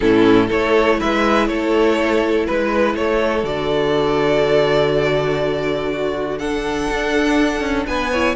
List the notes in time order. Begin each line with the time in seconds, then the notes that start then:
0.00 A2 C#4 E4 A4
0.47 A3 E4 A4 C#5
0.99 G#3 B4 E5
1.47 A3 A4 C#5
2.46 G#3 B4
2.94 A3 A4 C#5
3.43 D3 F#4 D5
5.91 F#4
6.38 D4 A4 F#5
6.90 D4
7.60 C#4
7.86 B3 B4 G#5
8.11 E4 C#5